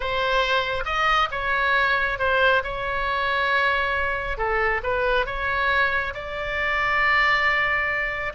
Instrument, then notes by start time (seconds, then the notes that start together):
oboe
0.00 C5
0.85 D#5
1.31 C#5
2.19 C5
2.63 C#5
4.37 A4
4.83 B4
5.26 C#5
6.14 D5